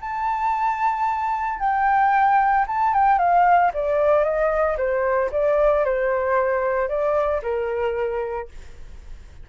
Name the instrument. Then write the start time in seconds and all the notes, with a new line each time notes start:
flute
0.00 A5
1.59 G5
2.67 A5
2.93 G5
3.18 F5
3.73 D5
4.23 D#5
4.77 C5
5.31 D5
5.84 C5
6.88 D5
7.42 A#4